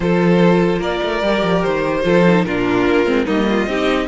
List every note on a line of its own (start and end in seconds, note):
0.00 0.79 F3
0.00 1.21 F4
0.00 0.79 A4
0.00 0.81 C5
0.79 0.99 A#3
0.79 2.01 A#4
0.79 1.63 D5
1.02 1.21 A3
1.21 1.42 G3
1.21 2.03 G4
1.43 1.63 F3
1.63 2.04 D#3
1.63 2.44 C5
2.03 2.44 F3
2.03 2.23 F4
2.03 2.45 A4
2.27 2.47 D#4
2.44 2.85 A#2
2.44 3.06 D4
2.44 3.24 F4
2.44 3.26 A#4
2.86 3.05 A#3
3.05 3.26 G#3
3.05 3.26 C4
3.24 3.66 G3
3.24 3.66 A#3
3.24 3.45 D#4
3.24 4.07 D#5
3.49 3.69 F4
3.66 4.07 C4
3.66 4.07 D#4
3.66 4.07 G4